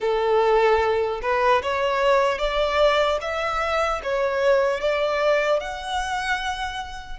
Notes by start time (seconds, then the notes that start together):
0.00 A4
1.22 B4
1.62 C#5
2.38 D5
3.21 E5
4.03 C#5
4.80 D5
5.60 F#5